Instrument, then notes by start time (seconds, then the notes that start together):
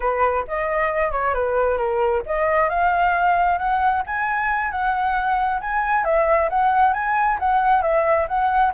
flute
0.00 B4
0.47 D#5
1.11 C#5
1.34 B4
1.77 A#4
2.26 D#5
2.69 F5
3.58 F#5
4.06 G#5
4.71 F#5
5.60 G#5
6.04 E5
6.49 F#5
6.93 G#5
7.39 F#5
7.82 E5
8.28 F#5